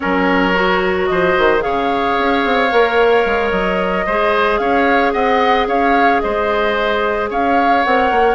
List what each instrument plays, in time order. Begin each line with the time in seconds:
0.00 bassoon F#3, clarinet C#4, oboe A#4, flute C#5
0.54 clarinet F#4
1.06 bassoon F3, oboe C5, flute D#5
1.37 bassoon D#3
1.59 clarinet G#4, oboe C#5, flute F5
1.65 bassoon C#3
2.18 bassoon C#4
2.44 bassoon C4
2.71 bassoon A#3, clarinet A#4
3.25 bassoon G#3
3.50 bassoon F#3, flute D#5
4.05 bassoon G#3, clarinet G#4, oboe C5
4.57 bassoon C#4, oboe C#5, flute F5
5.12 bassoon C4, oboe D#5, flute F#5
5.67 bassoon C#4, oboe C#5, flute F5
6.20 bassoon G#3, oboe C5, flute D#5
7.30 bassoon C#4, oboe C#5, flute F5
7.83 bassoon C4, clarinet A#4, flute F#5
8.11 bassoon A#3